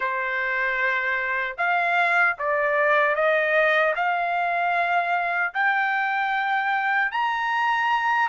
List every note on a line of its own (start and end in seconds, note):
0.00 1.56 C5
1.57 2.36 F5
2.38 3.15 D5
3.15 3.94 D#5
3.95 5.53 F5
5.54 7.11 G5
7.11 8.28 A#5